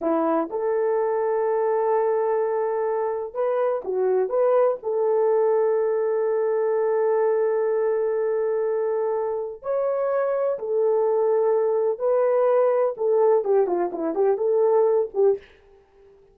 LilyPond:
\new Staff \with { instrumentName = "horn" } { \time 4/4 \tempo 4 = 125 e'4 a'2.~ | a'2. b'4 | fis'4 b'4 a'2~ | a'1~ |
a'1 | cis''2 a'2~ | a'4 b'2 a'4 | g'8 f'8 e'8 g'8 a'4. g'8 | }